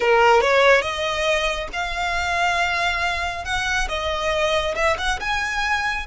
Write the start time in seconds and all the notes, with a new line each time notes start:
0.00 A#4
0.41 C#5
0.81 D#5
1.73 F5
3.44 F#5
3.88 D#5
4.75 E5
4.98 F#5
5.20 G#5